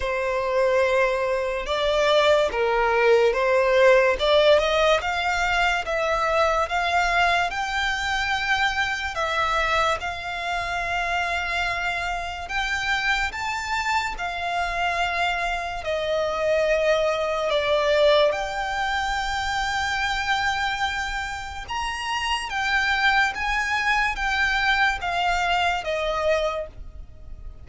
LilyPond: \new Staff \with { instrumentName = "violin" } { \time 4/4 \tempo 4 = 72 c''2 d''4 ais'4 | c''4 d''8 dis''8 f''4 e''4 | f''4 g''2 e''4 | f''2. g''4 |
a''4 f''2 dis''4~ | dis''4 d''4 g''2~ | g''2 ais''4 g''4 | gis''4 g''4 f''4 dis''4 | }